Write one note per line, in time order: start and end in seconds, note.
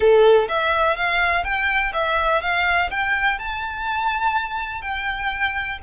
0.00 0.48 A4
0.48 0.96 E5
0.96 1.44 F5
1.44 1.92 G5
1.93 2.41 E5
2.41 2.89 F5
2.90 3.38 G5
3.38 4.81 A5
4.81 5.78 G5